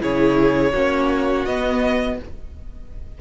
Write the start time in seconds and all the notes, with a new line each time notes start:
0.00 C#3 E4 G#4 C#5
0.72 A#3 C#4 F#4
1.45 B3 D#5